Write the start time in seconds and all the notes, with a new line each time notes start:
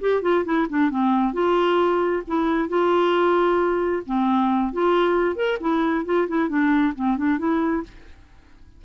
0.00 G4
0.22 F4
0.44 E4
0.69 D4
0.90 C4
1.33 F4
2.27 E4
2.69 F4
4.06 C4
4.72 F4
5.35 A#4
5.60 E4
6.05 F4
6.28 E4
6.48 D4
6.95 C4
7.17 D4
7.38 E4